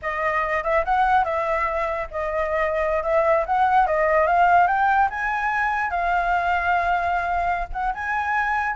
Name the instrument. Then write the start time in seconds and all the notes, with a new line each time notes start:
flute
0.02 D#5
0.63 E5
0.84 F#5
1.24 E5
2.10 D#5
3.03 E5
3.46 F#5
3.86 D#5
4.27 F5
4.67 G5
5.09 G#5
5.90 F5
7.72 F#5
7.94 G#5